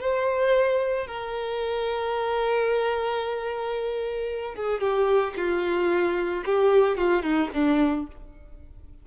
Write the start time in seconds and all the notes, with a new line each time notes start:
0.00 C5
1.07 A#4
4.55 G#4
4.80 G4
5.36 F4
6.46 G4
6.97 F4
7.22 D#4
7.53 D4